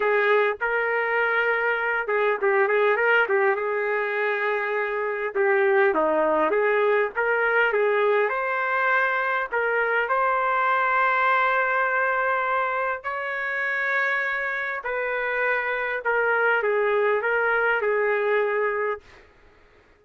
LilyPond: \new Staff \with { instrumentName = "trumpet" } { \time 4/4 \tempo 4 = 101 gis'4 ais'2~ ais'8 gis'8 | g'8 gis'8 ais'8 g'8 gis'2~ | gis'4 g'4 dis'4 gis'4 | ais'4 gis'4 c''2 |
ais'4 c''2.~ | c''2 cis''2~ | cis''4 b'2 ais'4 | gis'4 ais'4 gis'2 | }